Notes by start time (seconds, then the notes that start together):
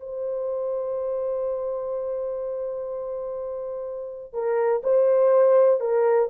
0.00 C5
4.33 A#4
4.83 C5
5.80 A#4